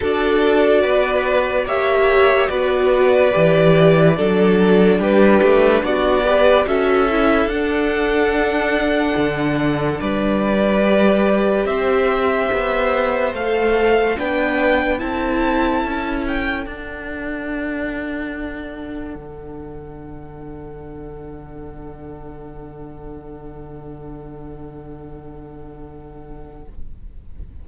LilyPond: <<
  \new Staff \with { instrumentName = "violin" } { \time 4/4 \tempo 4 = 72 d''2 e''4 d''4~ | d''2 b'4 d''4 | e''4 fis''2. | d''2 e''2 |
f''4 g''4 a''4. g''8 | fis''1~ | fis''1~ | fis''1 | }
  \new Staff \with { instrumentName = "violin" } { \time 4/4 a'4 b'4 cis''4 b'4~ | b'4 a'4 g'4 fis'8 b'8 | a'1 | b'2 c''2~ |
c''4 b'4 a'2~ | a'1~ | a'1~ | a'1 | }
  \new Staff \with { instrumentName = "viola" } { \time 4/4 fis'2 g'4 fis'4 | g'4 d'2~ d'8 g'8 | fis'8 e'8 d'2.~ | d'4 g'2. |
a'4 d'4 e'2 | d'1~ | d'1~ | d'1 | }
  \new Staff \with { instrumentName = "cello" } { \time 4/4 d'4 b4 ais4 b4 | e4 fis4 g8 a8 b4 | cis'4 d'2 d4 | g2 c'4 b4 |
a4 b4 c'4 cis'4 | d'2. d4~ | d1~ | d1 | }
>>